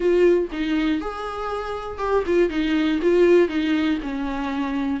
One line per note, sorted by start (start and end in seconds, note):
0.00 0.48 F4
0.52 1.00 D#4
1.00 1.98 G#4
1.98 2.23 G4
2.26 2.49 F4
2.49 2.99 D#4
3.02 3.48 F4
3.48 3.98 D#4
4.02 5.00 C#4